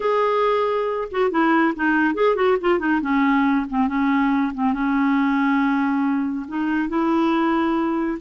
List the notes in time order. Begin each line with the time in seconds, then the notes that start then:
0.00 G#4
1.11 F#4
1.31 E4
1.75 D#4
2.14 G#4
2.35 F#4
2.60 F4
2.79 D#4
3.01 C#4
3.69 C4
3.87 C#4
4.54 C4
4.73 C#4
6.48 D#4
6.88 E4